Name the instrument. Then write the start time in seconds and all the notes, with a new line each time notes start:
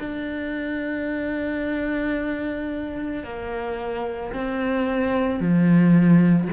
cello
0.00 D4
3.24 A#3
4.33 C4
5.40 F3